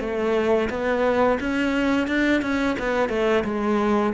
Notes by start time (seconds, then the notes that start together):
0.00 A3
0.69 B3
1.40 C#4
2.07 D4
2.42 C#4
2.79 B3
3.09 A3
3.44 G#3